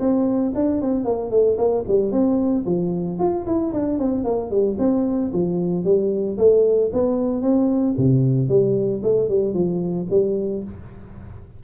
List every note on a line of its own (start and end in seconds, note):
0.00 0.53 C4
0.55 0.82 D4
0.82 1.05 C4
1.05 1.31 A#3
1.31 1.58 A3
1.58 1.85 A#3
1.88 2.12 G3
2.12 2.65 C4
2.66 3.20 F3
3.20 3.46 F4
3.46 3.73 E4
3.73 3.99 D4
3.99 4.25 C4
4.25 4.51 A#3
4.51 4.77 G3
4.79 5.32 C4
5.33 5.85 F3
5.85 6.38 G3
6.38 6.91 A3
6.93 7.42 B3
7.42 7.95 C4
7.98 8.49 C3
8.49 9.02 G3
9.04 9.29 A3
9.29 9.54 G3
9.54 10.07 F3
10.11 10.64 G3